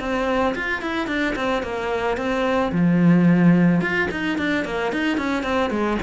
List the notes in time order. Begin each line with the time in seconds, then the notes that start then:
0.00 C4
0.55 F4
0.81 E4
1.07 D4
1.35 C4
1.63 A#3
2.17 C4
2.72 F3
3.81 F4
4.11 D#4
4.38 D4
4.65 A#3
4.92 D#4
5.17 C#4
5.43 C4
5.70 G#3